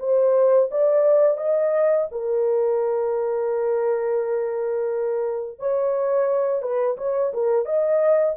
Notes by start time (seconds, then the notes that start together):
0.00 C5
0.71 D5
1.38 D#5
2.12 A#4
5.59 C#5
6.62 B4
6.98 C#5
7.34 A#4
7.66 D#5